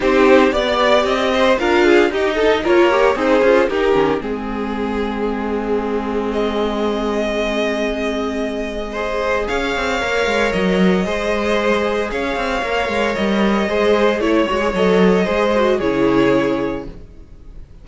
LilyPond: <<
  \new Staff \with { instrumentName = "violin" } { \time 4/4 \tempo 4 = 114 c''4 d''4 dis''4 f''4 | dis''4 cis''4 c''4 ais'4 | gis'1 | dis''1~ |
dis''2 f''2 | dis''2. f''4~ | f''4 dis''2 cis''4 | dis''2 cis''2 | }
  \new Staff \with { instrumentName = "violin" } { \time 4/4 g'4 d''4. c''8 ais'8 gis'8 | g'8 a'8 ais'4 dis'8 f'8 g'4 | gis'1~ | gis'1~ |
gis'4 c''4 cis''2~ | cis''4 c''2 cis''4~ | cis''2 c''4 cis''4~ | cis''4 c''4 gis'2 | }
  \new Staff \with { instrumentName = "viola" } { \time 4/4 dis'4 g'2 f'4 | dis'4 f'8 g'8 gis'4 dis'8 cis'8 | c'1~ | c'1~ |
c'4 gis'2 ais'4~ | ais'4 gis'2. | ais'2 gis'4 e'8 fis'16 gis'16 | a'4 gis'8 fis'8 e'2 | }
  \new Staff \with { instrumentName = "cello" } { \time 4/4 c'4 b4 c'4 d'4 | dis'4 ais4 c'8 cis'8 dis'8 dis8 | gis1~ | gis1~ |
gis2 cis'8 c'8 ais8 gis8 | fis4 gis2 cis'8 c'8 | ais8 gis8 g4 gis4 a8 gis8 | fis4 gis4 cis2 | }
>>